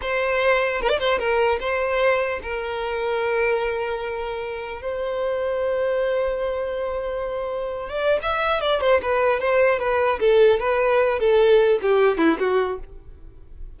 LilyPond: \new Staff \with { instrumentName = "violin" } { \time 4/4 \tempo 4 = 150 c''2 ais'16 d''16 c''8 ais'4 | c''2 ais'2~ | ais'1 | c''1~ |
c''2.~ c''8. d''16~ | d''8 e''4 d''8 c''8 b'4 c''8~ | c''8 b'4 a'4 b'4. | a'4. g'4 e'8 fis'4 | }